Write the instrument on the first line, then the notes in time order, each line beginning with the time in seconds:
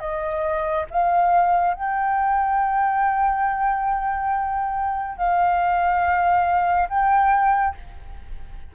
flute
0.00 D#5
0.91 F5
1.75 G5
5.17 F5
6.90 G5